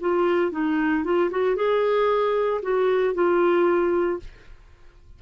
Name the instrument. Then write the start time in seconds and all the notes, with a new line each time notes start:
clarinet
0.00 F4
0.51 D#4
1.04 F4
1.30 F#4
1.56 G#4
2.62 F#4
3.14 F4